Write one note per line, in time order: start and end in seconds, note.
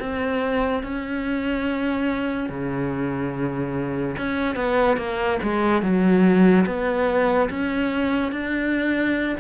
0.00 0.83 C4
0.83 2.50 C#4
2.50 4.16 C#3
4.17 4.56 C#4
4.56 4.97 B3
4.97 5.39 A#3
5.43 5.82 G#3
5.82 6.66 F#3
6.66 7.50 B3
7.50 8.32 C#4
8.32 9.36 D4